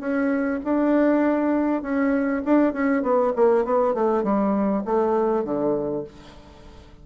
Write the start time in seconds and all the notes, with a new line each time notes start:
0.00 C#4
0.64 D4
1.82 C#4
2.45 D4
2.73 C#4
3.03 B3
3.36 A#3
3.65 B3
3.94 A3
4.24 G3
4.85 A3
5.44 D3